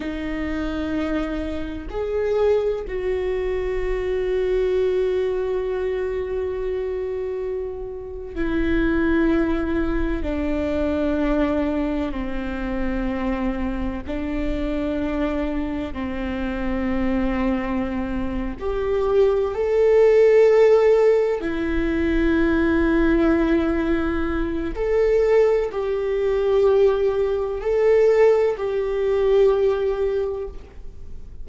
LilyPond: \new Staff \with { instrumentName = "viola" } { \time 4/4 \tempo 4 = 63 dis'2 gis'4 fis'4~ | fis'1~ | fis'8. e'2 d'4~ d'16~ | d'8. c'2 d'4~ d'16~ |
d'8. c'2~ c'8. g'8~ | g'8 a'2 e'4.~ | e'2 a'4 g'4~ | g'4 a'4 g'2 | }